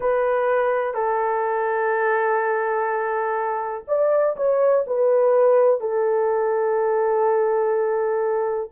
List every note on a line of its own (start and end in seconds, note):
0.00 0.94 B4
0.94 3.84 A4
3.87 4.35 D5
4.36 4.84 C#5
4.86 5.80 B4
5.80 8.70 A4